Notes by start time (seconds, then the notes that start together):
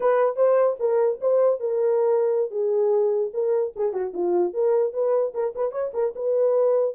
0.00 B4
0.36 C5
0.79 A#4
1.20 C5
1.60 A#4
2.50 G#4
3.33 A#4
3.76 G#4
3.92 F#4
4.13 F4
4.53 A#4
4.93 B4
5.34 A#4
5.55 B4
5.71 C#5
5.93 A#4
6.15 B4